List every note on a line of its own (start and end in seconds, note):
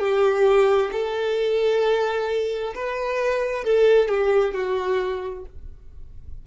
0.00 0.91 G4
0.93 2.74 A4
2.75 3.64 B4
3.64 4.09 A4
4.09 4.54 G4
4.55 5.45 F#4